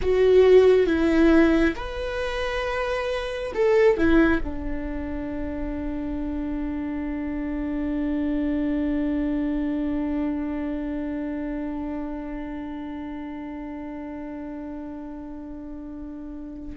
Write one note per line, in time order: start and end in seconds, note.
0.01 0.86 F#4
0.86 1.74 E4
1.76 3.52 B4
3.54 3.97 A4
3.97 4.41 E4
4.44 16.77 D4